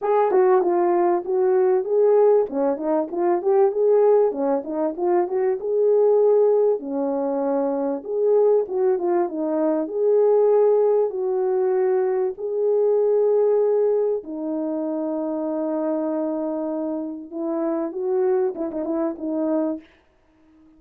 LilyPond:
\new Staff \with { instrumentName = "horn" } { \time 4/4 \tempo 4 = 97 gis'8 fis'8 f'4 fis'4 gis'4 | cis'8 dis'8 f'8 g'8 gis'4 cis'8 dis'8 | f'8 fis'8 gis'2 cis'4~ | cis'4 gis'4 fis'8 f'8 dis'4 |
gis'2 fis'2 | gis'2. dis'4~ | dis'1 | e'4 fis'4 e'16 dis'16 e'8 dis'4 | }